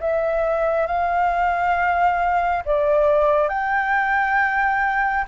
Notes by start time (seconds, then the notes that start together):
0.00 E5
0.86 F5
2.65 D5
3.49 G5